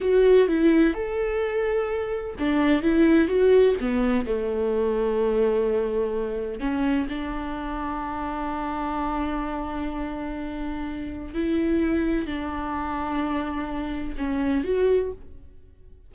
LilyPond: \new Staff \with { instrumentName = "viola" } { \time 4/4 \tempo 4 = 127 fis'4 e'4 a'2~ | a'4 d'4 e'4 fis'4 | b4 a2.~ | a2 cis'4 d'4~ |
d'1~ | d'1 | e'2 d'2~ | d'2 cis'4 fis'4 | }